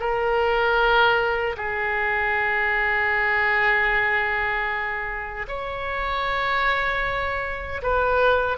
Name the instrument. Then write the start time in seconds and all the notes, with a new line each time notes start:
oboe
0.00 A#4
1.57 G#4
5.48 C#5
7.82 B4